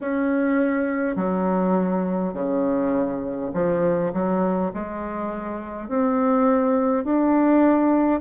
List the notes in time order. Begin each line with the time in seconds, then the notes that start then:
0.00 C#4
1.16 F#3
2.33 C#3
3.53 F3
4.13 F#3
4.73 G#3
5.88 C4
7.04 D4